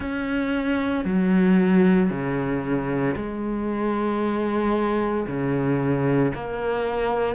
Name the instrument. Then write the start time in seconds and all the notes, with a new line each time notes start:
cello
0.00 C#4
1.04 F#3
2.10 C#3
3.16 G#3
5.27 C#3
6.34 A#3